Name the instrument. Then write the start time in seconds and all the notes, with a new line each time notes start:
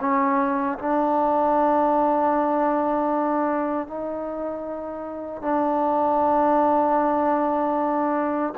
trombone
0.00 C#4
0.78 D4
3.87 D#4
5.42 D4